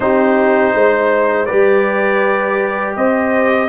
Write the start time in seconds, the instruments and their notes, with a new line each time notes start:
0.00 tuba C4, trombone D#4, horn G4, trumpet C5
0.74 tuba G#3, horn C5
1.45 tuba G3, trombone G4, horn B4, trumpet D5
2.96 tuba C4, horn C5, trumpet D#5